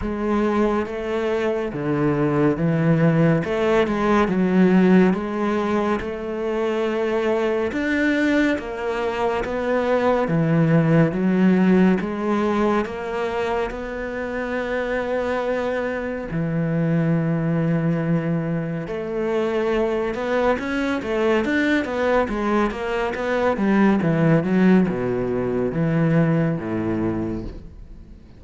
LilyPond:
\new Staff \with { instrumentName = "cello" } { \time 4/4 \tempo 4 = 70 gis4 a4 d4 e4 | a8 gis8 fis4 gis4 a4~ | a4 d'4 ais4 b4 | e4 fis4 gis4 ais4 |
b2. e4~ | e2 a4. b8 | cis'8 a8 d'8 b8 gis8 ais8 b8 g8 | e8 fis8 b,4 e4 a,4 | }